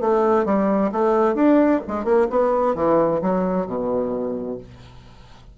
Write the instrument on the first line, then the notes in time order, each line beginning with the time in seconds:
bassoon
0.00 A3
0.45 G3
0.91 A3
1.34 D4
1.87 G#3
2.04 A#3
2.30 B3
2.74 E3
3.21 F#3
3.66 B2